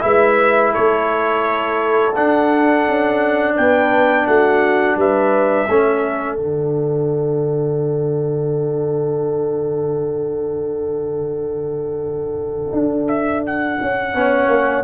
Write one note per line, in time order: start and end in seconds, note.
0.00 0.74 G#3
0.00 2.12 E4
0.00 0.72 B4
0.00 0.72 E5
0.72 2.17 A3
0.72 3.54 A4
0.72 2.14 C#5
2.15 5.68 D4
2.15 2.88 D4
2.15 3.56 F#5
2.88 3.58 C#4
3.55 4.27 B3
3.55 4.26 B4
3.55 4.26 G5
4.26 4.96 A3
4.26 4.97 F#4
4.26 4.97 F#5
4.96 5.66 G3
4.96 5.68 B4
4.96 6.36 E5
5.69 6.38 A3
5.69 6.37 C#4
5.69 14.14 A4
6.36 12.72 D3
6.36 14.13 D4
6.36 13.07 F#5
12.72 13.78 D4
13.07 13.43 E5
13.46 14.84 F#5
13.81 14.14 C#4
14.13 14.47 B3
14.13 14.84 C#4
14.13 14.84 C#5
14.47 14.82 A#3